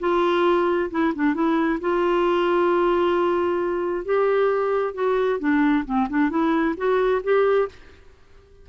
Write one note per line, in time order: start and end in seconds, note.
0.00 0.90 F4
0.91 1.13 E4
1.15 1.34 D4
1.34 1.79 E4
1.81 4.05 F4
4.05 4.94 G4
4.94 5.39 F#4
5.39 5.84 D4
5.85 6.08 C4
6.09 6.30 D4
6.30 6.75 E4
6.77 7.22 F#4
7.23 7.68 G4